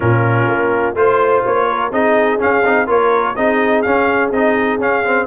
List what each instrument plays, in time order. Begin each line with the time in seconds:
0.00 tuba A#2, trombone C#4, horn F4, trumpet A#4
0.46 tuba A#3
0.94 tuba A3, trombone F4, horn C5, trumpet C5
1.46 tuba A#3, trumpet C#5
1.68 horn A#4
1.91 tuba C4, trombone D#4, horn G#4, trumpet D#5
2.39 trombone C#4, tuba C#4, trumpet F5
2.64 tuba C4, trombone D#4
2.86 tuba A#3, trombone F4, horn A#4, trumpet C#5
3.35 tuba C4, trombone D#4, horn G#4, trumpet D#5
3.82 trombone C#4, tuba C#4, trumpet F5
4.30 tuba C4, trombone D#4, trumpet D#5
4.78 tuba C#4, trombone C#4, trumpet F5
5.04 trombone C4